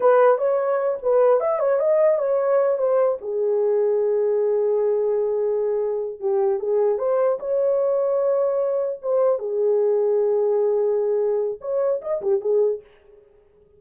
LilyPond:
\new Staff \with { instrumentName = "horn" } { \time 4/4 \tempo 4 = 150 b'4 cis''4. b'4 e''8 | cis''8 dis''4 cis''4. c''4 | gis'1~ | gis'2.~ gis'8 g'8~ |
g'8 gis'4 c''4 cis''4.~ | cis''2~ cis''8 c''4 gis'8~ | gis'1~ | gis'4 cis''4 dis''8 g'8 gis'4 | }